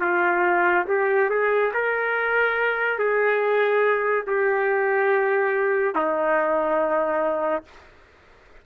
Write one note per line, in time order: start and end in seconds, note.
0.00 0.85 F4
0.88 1.29 G4
1.29 1.72 G#4
1.73 2.98 A#4
2.98 4.25 G#4
4.27 5.95 G4
5.95 7.64 D#4